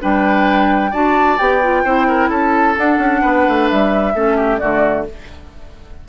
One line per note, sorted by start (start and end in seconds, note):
0.00 0.93 G3
0.00 0.92 D4
0.00 0.91 B4
0.00 0.94 G5
0.91 1.39 D4
0.91 1.39 F#4
0.91 1.83 D5
0.91 1.38 A5
1.38 1.85 B3
1.38 1.62 G4
1.38 2.30 G5
1.63 1.86 F4
1.84 2.30 C4
1.84 2.76 E4
1.84 2.07 C5
2.08 2.29 A#4
2.29 2.75 C#4
2.29 3.21 A4
2.29 2.77 A5
2.76 4.13 D4
2.76 2.98 D4
2.76 3.69 F#5
2.98 3.21 C#4
3.21 3.48 B3
3.21 4.13 B4
3.48 3.71 A3
3.69 4.15 G3
3.69 4.58 E5
4.15 4.60 A3
4.15 4.60 C#4
4.15 4.37 A4
4.37 4.60 G4
4.58 5.08 D3
4.58 5.06 A3
4.58 5.06 F#4
4.58 5.04 D5